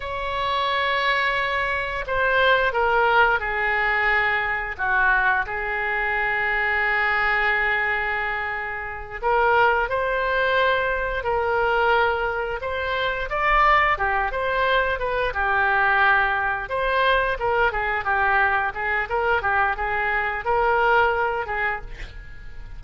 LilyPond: \new Staff \with { instrumentName = "oboe" } { \time 4/4 \tempo 4 = 88 cis''2. c''4 | ais'4 gis'2 fis'4 | gis'1~ | gis'4. ais'4 c''4.~ |
c''8 ais'2 c''4 d''8~ | d''8 g'8 c''4 b'8 g'4.~ | g'8 c''4 ais'8 gis'8 g'4 gis'8 | ais'8 g'8 gis'4 ais'4. gis'8 | }